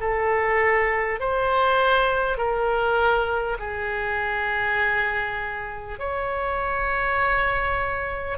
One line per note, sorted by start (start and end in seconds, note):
0.00 1.19 A4
1.19 2.37 C5
2.37 3.57 A#4
3.59 5.99 G#4
5.99 8.37 C#5